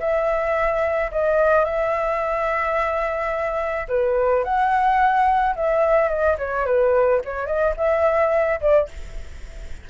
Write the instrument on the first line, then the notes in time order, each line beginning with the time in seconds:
flute
0.00 E5
1.12 D#5
1.65 E5
3.88 B4
4.44 F#5
5.56 E5
6.09 D#5
6.38 C#5
6.66 B4
7.25 C#5
7.46 D#5
7.77 E5
8.61 D5